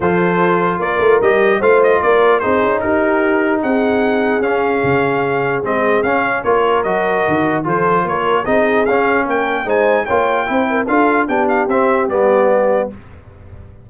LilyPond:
<<
  \new Staff \with { instrumentName = "trumpet" } { \time 4/4 \tempo 4 = 149 c''2 d''4 dis''4 | f''8 dis''8 d''4 c''4 ais'4~ | ais'4 fis''2 f''4~ | f''2 dis''4 f''4 |
cis''4 dis''2 c''4 | cis''4 dis''4 f''4 g''4 | gis''4 g''2 f''4 | g''8 f''8 e''4 d''2 | }
  \new Staff \with { instrumentName = "horn" } { \time 4/4 a'2 ais'2 | c''4 ais'4 gis'4 g'4~ | g'4 gis'2.~ | gis'1 |
ais'2. a'4 | ais'4 gis'2 ais'4 | c''4 cis''4 c''8 ais'8 a'4 | g'1 | }
  \new Staff \with { instrumentName = "trombone" } { \time 4/4 f'2. g'4 | f'2 dis'2~ | dis'2. cis'4~ | cis'2 c'4 cis'4 |
f'4 fis'2 f'4~ | f'4 dis'4 cis'2 | dis'4 f'4 e'4 f'4 | d'4 c'4 b2 | }
  \new Staff \with { instrumentName = "tuba" } { \time 4/4 f2 ais8 a8 g4 | a4 ais4 c'8 cis'8 dis'4~ | dis'4 c'2 cis'4 | cis2 gis4 cis'4 |
ais4 fis4 dis4 f4 | ais4 c'4 cis'4 ais4 | gis4 ais4 c'4 d'4 | b4 c'4 g2 | }
>>